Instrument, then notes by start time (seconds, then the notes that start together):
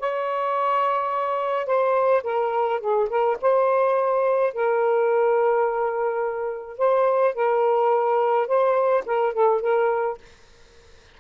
saxophone
0.00 C#5
1.66 C5
2.24 A#4
2.80 G#4
3.10 A#4
3.41 C5
4.54 A#4
6.78 C5
7.35 A#4
8.48 C5
9.06 A#4
9.34 A4
9.61 A#4